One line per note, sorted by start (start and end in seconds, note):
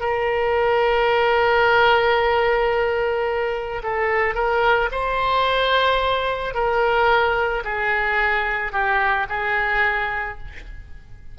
0.00 3.82 A#4
3.83 4.34 A4
4.34 4.89 A#4
4.91 6.54 C5
6.54 7.63 A#4
7.64 8.72 G#4
8.72 9.26 G4
9.29 10.38 G#4